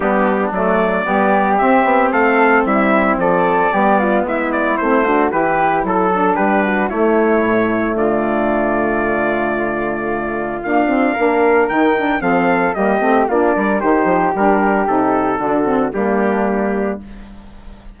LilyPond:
<<
  \new Staff \with { instrumentName = "trumpet" } { \time 4/4 \tempo 4 = 113 g'4 d''2 e''4 | f''4 e''4 d''2 | e''8 d''8 c''4 b'4 a'4 | b'4 cis''2 d''4~ |
d''1 | f''2 g''4 f''4 | dis''4 d''4 c''4 ais'4 | a'2 g'2 | }
  \new Staff \with { instrumentName = "flute" } { \time 4/4 d'2 g'2 | a'4 e'4 a'4 g'8 f'8 | e'4. fis'8 g'4 a'4 | g'8 fis'8 e'2 f'4~ |
f'1~ | f'4 ais'2 a'4 | g'4 f'8 ais'8 g'2~ | g'4 fis'4 d'2 | }
  \new Staff \with { instrumentName = "saxophone" } { \time 4/4 b4 a4 b4 c'4~ | c'2. b4~ | b4 c'8 d'8 e'4. d'8~ | d'4 a2.~ |
a1 | ais8 c'8 d'4 dis'8 d'8 c'4 | ais8 c'8 d'4 dis'4 d'4 | dis'4 d'8 c'8 ais2 | }
  \new Staff \with { instrumentName = "bassoon" } { \time 4/4 g4 fis4 g4 c'8 b8 | a4 g4 f4 g4 | gis4 a4 e4 fis4 | g4 a4 a,4 d4~ |
d1 | d'4 ais4 dis4 f4 | g8 a8 ais8 g8 dis8 f8 g4 | c4 d4 g2 | }
>>